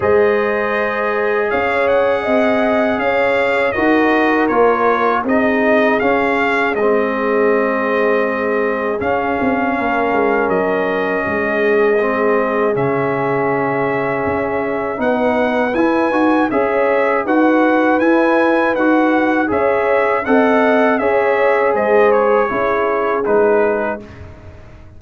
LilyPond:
<<
  \new Staff \with { instrumentName = "trumpet" } { \time 4/4 \tempo 4 = 80 dis''2 f''8 fis''4. | f''4 dis''4 cis''4 dis''4 | f''4 dis''2. | f''2 dis''2~ |
dis''4 e''2. | fis''4 gis''4 e''4 fis''4 | gis''4 fis''4 e''4 fis''4 | e''4 dis''8 cis''4. b'4 | }
  \new Staff \with { instrumentName = "horn" } { \time 4/4 c''2 cis''4 dis''4 | cis''4 ais'2 gis'4~ | gis'1~ | gis'4 ais'2 gis'4~ |
gis'1 | b'2 cis''4 b'4~ | b'2 cis''4 dis''4 | cis''4 c''4 gis'2 | }
  \new Staff \with { instrumentName = "trombone" } { \time 4/4 gis'1~ | gis'4 fis'4 f'4 dis'4 | cis'4 c'2. | cis'1 |
c'4 cis'2. | dis'4 e'8 fis'8 gis'4 fis'4 | e'4 fis'4 gis'4 a'4 | gis'2 e'4 dis'4 | }
  \new Staff \with { instrumentName = "tuba" } { \time 4/4 gis2 cis'4 c'4 | cis'4 dis'4 ais4 c'4 | cis'4 gis2. | cis'8 c'8 ais8 gis8 fis4 gis4~ |
gis4 cis2 cis'4 | b4 e'8 dis'8 cis'4 dis'4 | e'4 dis'4 cis'4 c'4 | cis'4 gis4 cis'4 gis4 | }
>>